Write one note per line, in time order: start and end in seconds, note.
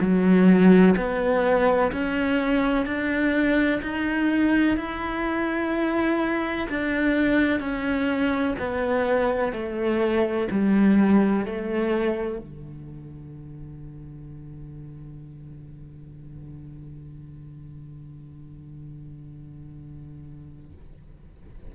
0.00 0.95 F#3
0.97 1.92 B3
1.92 2.86 C#4
2.86 3.81 D4
3.82 4.77 D#4
4.77 6.68 E4
6.69 7.60 D4
7.60 8.55 C#4
8.59 9.53 B3
9.53 10.48 A3
10.52 11.45 G3
11.45 12.39 A3
12.39 20.72 D3